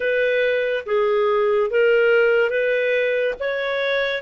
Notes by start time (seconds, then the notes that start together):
0.00 B4
0.86 G#4
1.70 A#4
2.50 B4
3.39 C#5